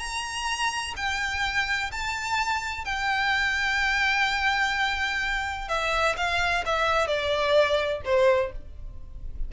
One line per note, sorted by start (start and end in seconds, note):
0.00 0.94 A#5
0.97 1.92 G5
1.92 2.86 A5
2.86 5.69 G5
5.69 6.16 E5
6.17 6.65 F5
6.66 7.08 E5
7.08 8.02 D5
8.05 8.53 C5